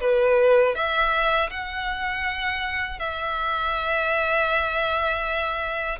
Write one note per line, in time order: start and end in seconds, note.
0.00 0.75 B4
0.75 1.50 E5
1.50 2.99 F#5
2.99 5.99 E5